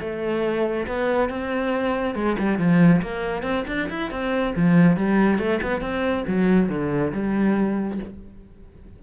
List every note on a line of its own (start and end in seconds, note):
0.00 0.86 A3
0.87 1.29 B3
1.29 2.15 C4
2.15 2.36 G#3
2.38 2.58 G3
2.58 3.01 F3
3.01 3.42 A#3
3.42 3.64 C4
3.67 3.88 D4
3.89 4.11 E4
4.11 4.54 C4
4.55 4.96 F3
4.96 5.38 G3
5.38 5.60 A3
5.62 5.81 B3
5.81 6.24 C4
6.27 6.69 F#3
6.69 7.12 D3
7.12 7.99 G3